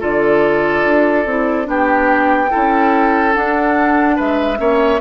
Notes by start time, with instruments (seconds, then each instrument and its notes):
0.00 bassoon D3, clarinet F4, oboe A4, flute D5
0.85 bassoon D4
1.26 bassoon C4, clarinet E4
1.64 bassoon B3, clarinet D4, oboe G4, flute G5
2.50 bassoon C#4, clarinet E4, oboe A4
3.34 clarinet D4, bassoon D4, flute F#5
4.16 bassoon G#3, oboe B4, flute E5
4.57 bassoon A#3, clarinet C#4, oboe C#5